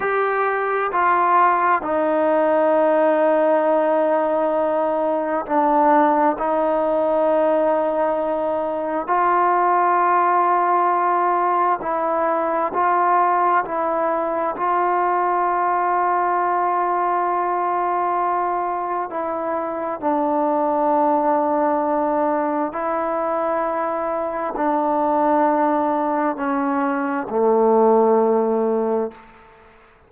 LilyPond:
\new Staff \with { instrumentName = "trombone" } { \time 4/4 \tempo 4 = 66 g'4 f'4 dis'2~ | dis'2 d'4 dis'4~ | dis'2 f'2~ | f'4 e'4 f'4 e'4 |
f'1~ | f'4 e'4 d'2~ | d'4 e'2 d'4~ | d'4 cis'4 a2 | }